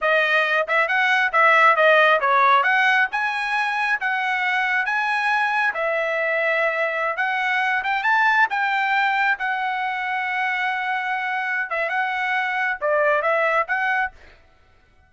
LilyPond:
\new Staff \with { instrumentName = "trumpet" } { \time 4/4 \tempo 4 = 136 dis''4. e''8 fis''4 e''4 | dis''4 cis''4 fis''4 gis''4~ | gis''4 fis''2 gis''4~ | gis''4 e''2.~ |
e''16 fis''4. g''8 a''4 g''8.~ | g''4~ g''16 fis''2~ fis''8.~ | fis''2~ fis''8 e''8 fis''4~ | fis''4 d''4 e''4 fis''4 | }